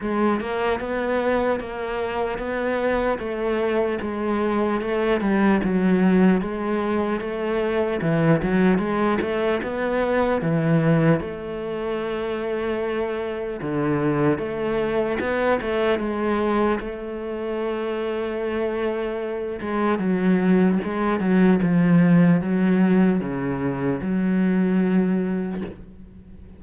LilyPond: \new Staff \with { instrumentName = "cello" } { \time 4/4 \tempo 4 = 75 gis8 ais8 b4 ais4 b4 | a4 gis4 a8 g8 fis4 | gis4 a4 e8 fis8 gis8 a8 | b4 e4 a2~ |
a4 d4 a4 b8 a8 | gis4 a2.~ | a8 gis8 fis4 gis8 fis8 f4 | fis4 cis4 fis2 | }